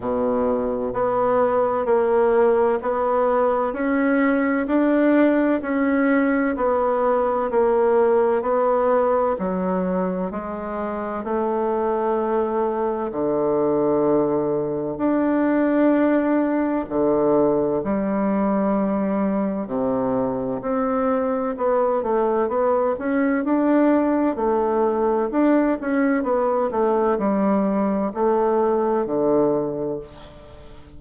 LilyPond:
\new Staff \with { instrumentName = "bassoon" } { \time 4/4 \tempo 4 = 64 b,4 b4 ais4 b4 | cis'4 d'4 cis'4 b4 | ais4 b4 fis4 gis4 | a2 d2 |
d'2 d4 g4~ | g4 c4 c'4 b8 a8 | b8 cis'8 d'4 a4 d'8 cis'8 | b8 a8 g4 a4 d4 | }